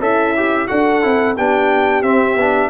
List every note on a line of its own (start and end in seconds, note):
0.00 0.67 C#4
0.00 0.69 E4
0.00 0.34 A4
0.00 0.67 E5
0.37 0.68 G4
0.67 1.04 D4
0.67 1.02 F#4
0.67 1.36 A4
0.67 1.35 F#5
1.02 1.37 C4
1.02 1.36 E4
1.36 2.03 B3
1.36 2.04 D4
1.36 2.70 G4
1.36 2.03 G5
2.03 2.36 C4
2.03 2.38 C4
2.03 2.70 E5
2.36 2.69 B3
2.36 2.70 D4